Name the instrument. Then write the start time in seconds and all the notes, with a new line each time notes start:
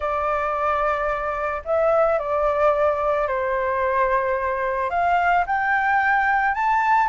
flute
0.00 D5
1.64 E5
2.18 D5
3.27 C5
4.90 F5
5.46 G5
6.54 A5